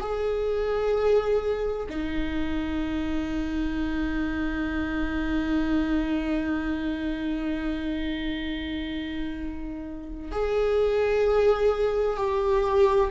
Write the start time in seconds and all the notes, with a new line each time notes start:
0.00 G#4
1.90 D#4
10.32 G#4
12.17 G4